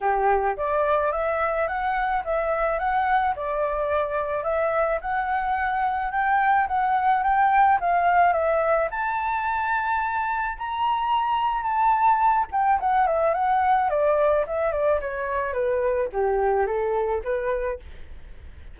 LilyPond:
\new Staff \with { instrumentName = "flute" } { \time 4/4 \tempo 4 = 108 g'4 d''4 e''4 fis''4 | e''4 fis''4 d''2 | e''4 fis''2 g''4 | fis''4 g''4 f''4 e''4 |
a''2. ais''4~ | ais''4 a''4. g''8 fis''8 e''8 | fis''4 d''4 e''8 d''8 cis''4 | b'4 g'4 a'4 b'4 | }